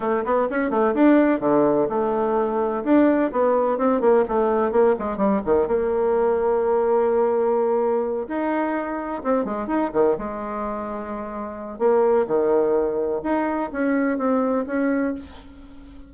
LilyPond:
\new Staff \with { instrumentName = "bassoon" } { \time 4/4 \tempo 4 = 127 a8 b8 cis'8 a8 d'4 d4 | a2 d'4 b4 | c'8 ais8 a4 ais8 gis8 g8 dis8 | ais1~ |
ais4. dis'2 c'8 | gis8 dis'8 dis8 gis2~ gis8~ | gis4 ais4 dis2 | dis'4 cis'4 c'4 cis'4 | }